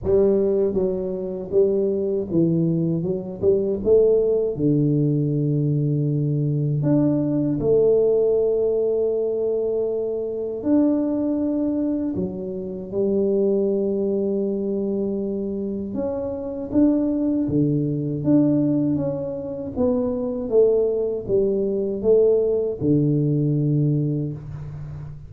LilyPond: \new Staff \with { instrumentName = "tuba" } { \time 4/4 \tempo 4 = 79 g4 fis4 g4 e4 | fis8 g8 a4 d2~ | d4 d'4 a2~ | a2 d'2 |
fis4 g2.~ | g4 cis'4 d'4 d4 | d'4 cis'4 b4 a4 | g4 a4 d2 | }